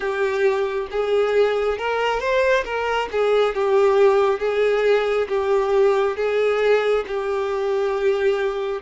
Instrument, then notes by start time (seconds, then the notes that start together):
violin
0.00 G4
0.91 G#4
1.78 A#4
2.19 C5
2.64 A#4
3.11 G#4
3.55 G4
4.39 G#4
5.28 G4
6.16 G#4
7.07 G4